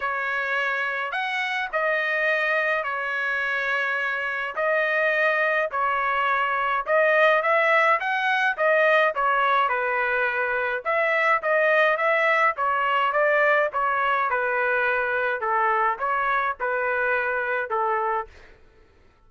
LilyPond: \new Staff \with { instrumentName = "trumpet" } { \time 4/4 \tempo 4 = 105 cis''2 fis''4 dis''4~ | dis''4 cis''2. | dis''2 cis''2 | dis''4 e''4 fis''4 dis''4 |
cis''4 b'2 e''4 | dis''4 e''4 cis''4 d''4 | cis''4 b'2 a'4 | cis''4 b'2 a'4 | }